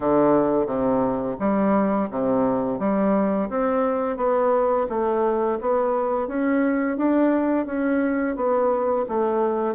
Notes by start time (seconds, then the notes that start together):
0.00 D3
0.66 C3
1.40 G3
2.10 C3
2.79 G3
3.49 C4
4.17 B3
4.89 A3
5.60 B3
6.27 C#4
6.97 D4
7.66 C#4
8.36 B3
9.08 A3